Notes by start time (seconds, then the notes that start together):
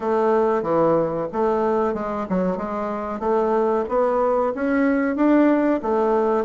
0.00 A3
0.62 E3
1.32 A3
1.94 G#3
2.29 F#3
2.57 G#3
3.19 A3
3.88 B3
4.55 C#4
5.16 D4
5.82 A3